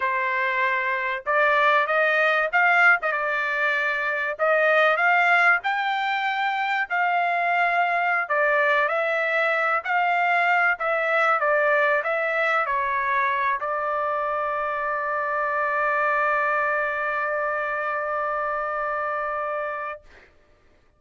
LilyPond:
\new Staff \with { instrumentName = "trumpet" } { \time 4/4 \tempo 4 = 96 c''2 d''4 dis''4 | f''8. dis''16 d''2 dis''4 | f''4 g''2 f''4~ | f''4~ f''16 d''4 e''4. f''16~ |
f''4~ f''16 e''4 d''4 e''8.~ | e''16 cis''4. d''2~ d''16~ | d''1~ | d''1 | }